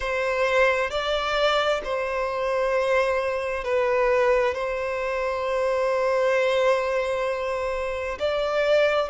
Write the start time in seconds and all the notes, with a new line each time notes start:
0.00 C5
0.90 D5
1.83 C5
3.64 B4
4.54 C5
8.19 D5